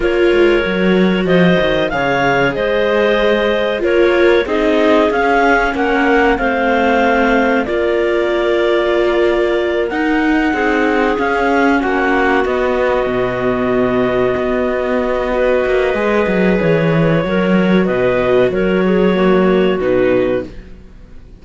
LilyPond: <<
  \new Staff \with { instrumentName = "clarinet" } { \time 4/4 \tempo 4 = 94 cis''2 dis''4 f''4 | dis''2 cis''4 dis''4 | f''4 fis''4 f''2 | d''2.~ d''8 fis''8~ |
fis''4. f''4 fis''4 dis''8~ | dis''1~ | dis''2 cis''2 | dis''4 cis''2 b'4 | }
  \new Staff \with { instrumentName = "clarinet" } { \time 4/4 ais'2 c''4 cis''4 | c''2 ais'4 gis'4~ | gis'4 ais'4 c''2 | ais'1~ |
ais'8 gis'2 fis'4.~ | fis'1 | b'2. ais'4 | b'4 ais'8 gis'8 fis'2 | }
  \new Staff \with { instrumentName = "viola" } { \time 4/4 f'4 fis'2 gis'4~ | gis'2 f'4 dis'4 | cis'2 c'2 | f'2.~ f'8 dis'8~ |
dis'4. cis'2 b8~ | b1 | fis'4 gis'2 fis'4~ | fis'2 ais4 dis'4 | }
  \new Staff \with { instrumentName = "cello" } { \time 4/4 ais8 gis8 fis4 f8 dis8 cis4 | gis2 ais4 c'4 | cis'4 ais4 a2 | ais2.~ ais8 dis'8~ |
dis'8 c'4 cis'4 ais4 b8~ | b8 b,2 b4.~ | b8 ais8 gis8 fis8 e4 fis4 | b,4 fis2 b,4 | }
>>